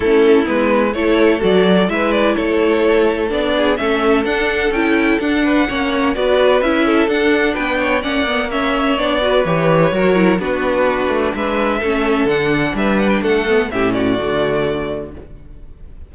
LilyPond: <<
  \new Staff \with { instrumentName = "violin" } { \time 4/4 \tempo 4 = 127 a'4 b'4 cis''4 d''4 | e''8 d''8 cis''2 d''4 | e''4 fis''4 g''4 fis''4~ | fis''4 d''4 e''4 fis''4 |
g''4 fis''4 e''4 d''4 | cis''2 b'2 | e''2 fis''4 e''8 fis''16 g''16 | fis''4 e''8 d''2~ d''8 | }
  \new Staff \with { instrumentName = "violin" } { \time 4/4 e'2 a'2 | b'4 a'2~ a'8 gis'8 | a'2.~ a'8 b'8 | cis''4 b'4. a'4. |
b'8 cis''8 d''4 cis''4. b'8~ | b'4 ais'4 fis'2 | b'4 a'2 b'4 | a'4 g'8 fis'2~ fis'8 | }
  \new Staff \with { instrumentName = "viola" } { \time 4/4 cis'4 b4 e'4 fis'4 | e'2. d'4 | cis'4 d'4 e'4 d'4 | cis'4 fis'4 e'4 d'4~ |
d'4 cis'8 b8 cis'4 d'8 fis'8 | g'4 fis'8 e'8 d'2~ | d'4 cis'4 d'2~ | d'8 b8 cis'4 a2 | }
  \new Staff \with { instrumentName = "cello" } { \time 4/4 a4 gis4 a4 fis4 | gis4 a2 b4 | a4 d'4 cis'4 d'4 | ais4 b4 cis'4 d'4 |
b4 ais2 b4 | e4 fis4 b4. a8 | gis4 a4 d4 g4 | a4 a,4 d2 | }
>>